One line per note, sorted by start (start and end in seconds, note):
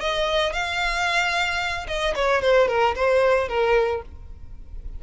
0.00 0.53 D#5
0.53 1.87 F5
1.87 2.14 D#5
2.15 2.41 C#5
2.41 2.68 C5
2.68 2.95 A#4
2.95 3.48 C5
3.48 4.02 A#4